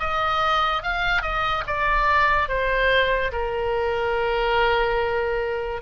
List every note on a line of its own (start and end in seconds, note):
0.00 0.83 D#5
0.83 1.22 F5
1.22 1.64 D#5
1.67 2.48 D5
2.48 3.32 C5
3.32 5.82 A#4